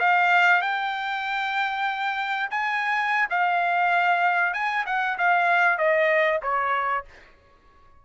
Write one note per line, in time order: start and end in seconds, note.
0.00 0.62 F5
0.62 2.49 G5
2.50 3.28 G#5
3.30 4.54 F5
4.54 4.85 G#5
4.86 5.18 F#5
5.18 5.78 F5
5.78 6.41 D#5
6.43 7.05 C#5